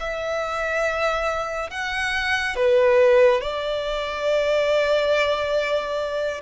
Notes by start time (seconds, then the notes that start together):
0.00 E5
1.71 F#5
2.56 B4
3.41 D5